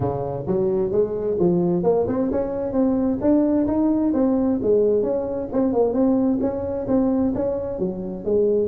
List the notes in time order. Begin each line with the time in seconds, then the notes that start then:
0.00 C#3
0.47 F#3
0.91 G#3
1.39 F3
1.83 A#3
2.07 C4
2.31 C#4
2.72 C4
3.21 D4
3.67 D#4
4.13 C4
4.62 G#3
5.02 C#4
5.52 C4
5.72 A#3
5.93 C4
6.40 C#4
6.87 C4
7.34 C#4
7.78 F#3
8.24 G#3